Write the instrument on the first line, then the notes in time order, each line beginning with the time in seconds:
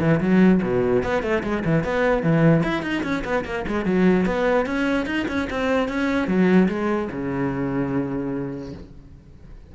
cello
0.00 E3
0.21 F#3
0.63 B2
1.03 B3
1.23 A3
1.44 G#3
1.65 E3
1.84 B3
2.23 E3
2.64 E4
2.83 D#4
3.03 C#4
3.25 B3
3.45 A#3
3.68 G#3
3.86 F#3
4.26 B3
4.66 C#4
5.06 D#4
5.29 C#4
5.50 C4
5.89 C#4
6.28 F#3
6.69 G#3
7.12 C#3